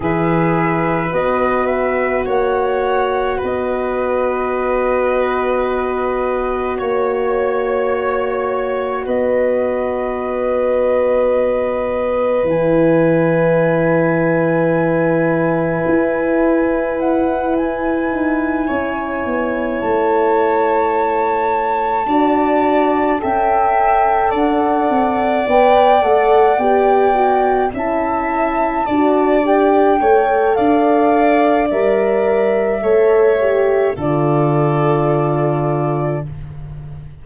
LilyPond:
<<
  \new Staff \with { instrumentName = "flute" } { \time 4/4 \tempo 4 = 53 e''4 dis''8 e''8 fis''4 dis''4~ | dis''2 cis''2 | dis''2. gis''4~ | gis''2. fis''8 gis''8~ |
gis''4. a''2~ a''8~ | a''8 g''4 fis''4 g''8 fis''8 g''8~ | g''8 a''4. g''4 f''4 | e''2 d''2 | }
  \new Staff \with { instrumentName = "violin" } { \time 4/4 b'2 cis''4 b'4~ | b'2 cis''2 | b'1~ | b'1~ |
b'8 cis''2. d''8~ | d''8 e''4 d''2~ d''8~ | d''8 e''4 d''4 cis''8 d''4~ | d''4 cis''4 a'2 | }
  \new Staff \with { instrumentName = "horn" } { \time 4/4 gis'4 fis'2.~ | fis'1~ | fis'2. e'4~ | e'1~ |
e'2.~ e'8 fis'8~ | fis'8 a'2 b'8 a'8 g'8 | fis'8 e'4 fis'8 g'8 a'4. | ais'4 a'8 g'8 f'2 | }
  \new Staff \with { instrumentName = "tuba" } { \time 4/4 e4 b4 ais4 b4~ | b2 ais2 | b2. e4~ | e2 e'2 |
dis'8 cis'8 b8 a2 d'8~ | d'8 cis'4 d'8 c'8 b8 a8 b8~ | b8 cis'4 d'4 a8 d'4 | g4 a4 d2 | }
>>